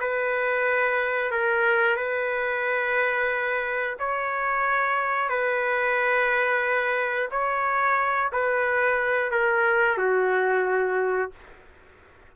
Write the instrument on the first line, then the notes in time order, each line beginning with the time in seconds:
trumpet
0.00 B4
1.31 A#4
1.97 B4
3.99 C#5
5.29 B4
7.32 C#5
8.33 B4
9.31 A#4
9.98 F#4